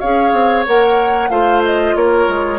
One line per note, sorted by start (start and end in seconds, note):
0.00 0.33 C#4
0.00 0.66 G#4
0.00 1.29 C#5
0.00 0.65 F5
0.33 0.65 C4
0.66 1.30 A#3
0.66 1.30 A#4
0.66 1.30 F#5
1.30 1.94 A3
1.30 2.59 F4
1.30 1.95 C5
1.30 1.62 F5
1.65 1.96 D#5
1.96 2.28 A#3
1.96 2.60 A#4
1.96 2.60 C#5
2.28 2.60 G#3